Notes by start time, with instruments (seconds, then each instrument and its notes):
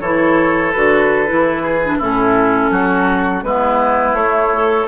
0.00 bassoon E3, clarinet E4, oboe A4, flute C#5
0.72 bassoon D3, clarinet F#4, flute B4
1.26 bassoon E3, clarinet E4
1.62 oboe G#4
1.85 clarinet D4
1.98 bassoon A2, clarinet C#4, oboe E4, flute A4
2.71 bassoon F#3, oboe F#4
3.43 bassoon G#3, clarinet B3, oboe E4, flute B4
4.13 bassoon A3, flute C#5
4.21 clarinet A3
4.54 clarinet A4